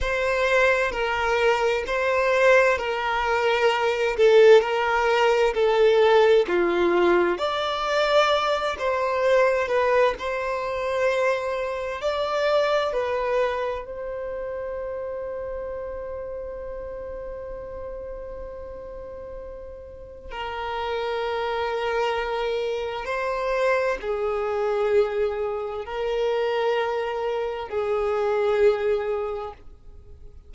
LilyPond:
\new Staff \with { instrumentName = "violin" } { \time 4/4 \tempo 4 = 65 c''4 ais'4 c''4 ais'4~ | ais'8 a'8 ais'4 a'4 f'4 | d''4. c''4 b'8 c''4~ | c''4 d''4 b'4 c''4~ |
c''1~ | c''2 ais'2~ | ais'4 c''4 gis'2 | ais'2 gis'2 | }